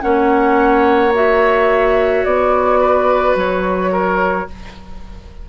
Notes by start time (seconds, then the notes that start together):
0.00 A#3 C#4 C#5 F#5
1.14 F#4 E5
2.24 B3 D5
2.80 B4
3.35 F#3 C#5
3.92 A#4